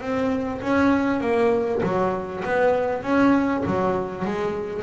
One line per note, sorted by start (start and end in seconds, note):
0.00 0.61 C4
0.62 1.20 C#4
1.20 1.81 A#3
1.83 2.43 F#3
2.44 3.02 B3
3.02 3.63 C#4
3.66 4.25 F#3
4.25 4.82 G#3